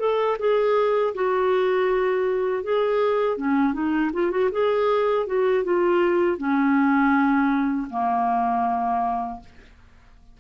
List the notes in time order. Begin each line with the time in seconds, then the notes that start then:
0.00 A4
0.39 G#4
1.15 F#4
2.64 G#4
3.38 C#4
3.74 D#4
4.14 F4
4.31 F#4
4.52 G#4
5.27 F#4
5.65 F4
6.38 C#4
7.90 A#3